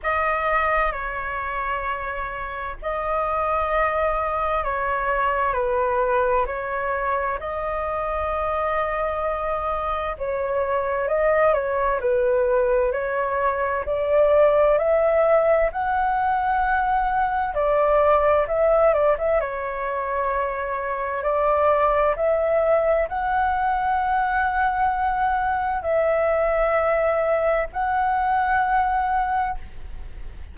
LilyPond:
\new Staff \with { instrumentName = "flute" } { \time 4/4 \tempo 4 = 65 dis''4 cis''2 dis''4~ | dis''4 cis''4 b'4 cis''4 | dis''2. cis''4 | dis''8 cis''8 b'4 cis''4 d''4 |
e''4 fis''2 d''4 | e''8 d''16 e''16 cis''2 d''4 | e''4 fis''2. | e''2 fis''2 | }